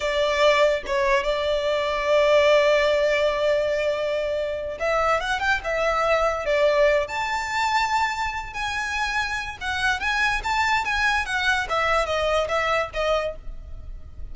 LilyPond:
\new Staff \with { instrumentName = "violin" } { \time 4/4 \tempo 4 = 144 d''2 cis''4 d''4~ | d''1~ | d''2.~ d''8 e''8~ | e''8 fis''8 g''8 e''2 d''8~ |
d''4 a''2.~ | a''8 gis''2~ gis''8 fis''4 | gis''4 a''4 gis''4 fis''4 | e''4 dis''4 e''4 dis''4 | }